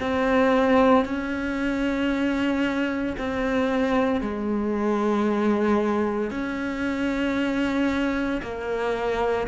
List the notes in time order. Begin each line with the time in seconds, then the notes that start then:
0.00 C4
1.05 C#4
3.18 C4
4.21 G#3
6.30 C#4
8.42 A#3